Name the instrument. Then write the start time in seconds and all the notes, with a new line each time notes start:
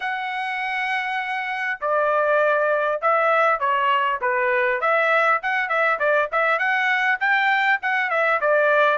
trumpet
0.00 F#5
1.80 D5
3.01 E5
3.59 C#5
4.21 B4
4.80 E5
5.42 F#5
5.68 E5
5.99 D5
6.32 E5
6.58 F#5
7.20 G5
7.82 F#5
8.10 E5
8.40 D5